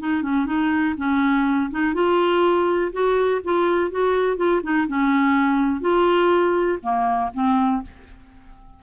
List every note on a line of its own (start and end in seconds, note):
0.00 0.22 D#4
0.22 0.46 C#4
0.46 0.95 D#4
0.97 1.71 C#4
1.71 1.94 D#4
1.94 2.92 F4
2.92 3.41 F#4
3.44 3.91 F4
3.91 4.37 F#4
4.37 4.61 F4
4.63 4.87 D#4
4.88 5.81 C#4
5.81 6.78 F4
6.82 7.31 A#3
7.34 7.82 C4